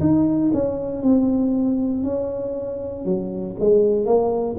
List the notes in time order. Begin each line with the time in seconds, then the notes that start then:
0.00 D#4
0.53 C#4
1.02 C4
2.03 C#4
3.05 F#3
3.59 G#3
4.05 A#3